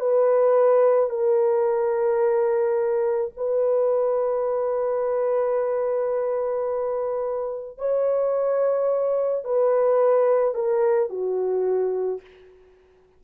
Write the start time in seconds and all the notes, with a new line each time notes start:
0.00 B4
1.10 A#4
3.37 B4
7.78 C#5
9.44 B4
10.55 A#4
11.10 F#4